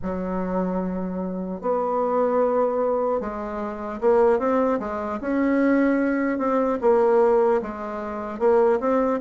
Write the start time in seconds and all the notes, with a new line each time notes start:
0.02 F#3
1.61 B3
3.20 G#3
4.00 A#3
4.39 C4
4.79 G#3
5.20 C#4
6.38 C4
6.81 A#3
7.61 G#3
8.39 A#3
8.80 C4